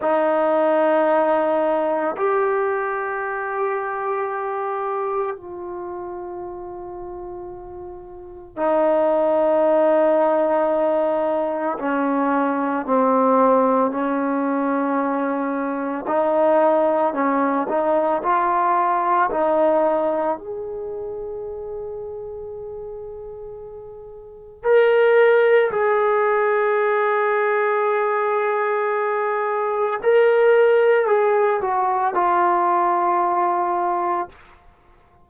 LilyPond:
\new Staff \with { instrumentName = "trombone" } { \time 4/4 \tempo 4 = 56 dis'2 g'2~ | g'4 f'2. | dis'2. cis'4 | c'4 cis'2 dis'4 |
cis'8 dis'8 f'4 dis'4 gis'4~ | gis'2. ais'4 | gis'1 | ais'4 gis'8 fis'8 f'2 | }